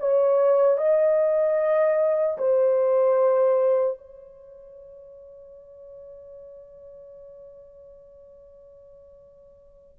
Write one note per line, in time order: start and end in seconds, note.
0.00 0.78 C#5
0.78 2.38 D#5
2.38 3.97 C5
3.97 9.97 C#5